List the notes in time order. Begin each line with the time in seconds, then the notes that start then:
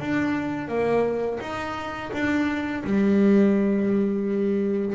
0.00 D4
0.68 A#3
1.41 D#4
2.13 D4
2.84 G3